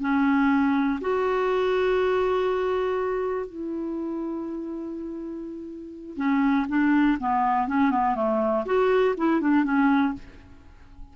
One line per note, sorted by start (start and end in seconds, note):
0.00 0.99 C#4
1.01 3.46 F#4
3.46 6.16 E4
6.16 6.66 C#4
6.68 7.18 D4
7.19 7.67 B3
7.67 7.90 C#4
7.90 8.15 B3
8.15 8.64 A3
8.65 9.15 F#4
9.17 9.40 E4
9.40 9.64 D4
9.64 10.13 C#4